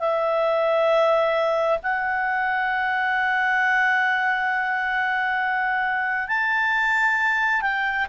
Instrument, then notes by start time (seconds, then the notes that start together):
clarinet
0.00 E5
1.83 F#5
6.28 A5
7.62 G5